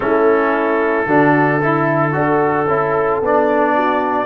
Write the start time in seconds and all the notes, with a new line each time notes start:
0.00 A3 C#4 E4 A4
1.06 D3 D4 F#4
1.61 E4
2.12 D4 F#4 A4
2.67 C#4 E4
3.20 B3 D4 D5
3.76 F#4